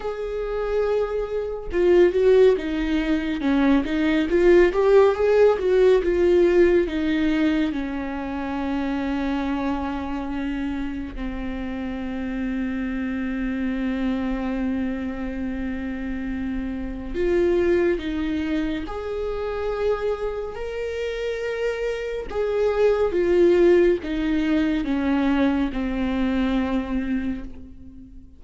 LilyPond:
\new Staff \with { instrumentName = "viola" } { \time 4/4 \tempo 4 = 70 gis'2 f'8 fis'8 dis'4 | cis'8 dis'8 f'8 g'8 gis'8 fis'8 f'4 | dis'4 cis'2.~ | cis'4 c'2.~ |
c'1 | f'4 dis'4 gis'2 | ais'2 gis'4 f'4 | dis'4 cis'4 c'2 | }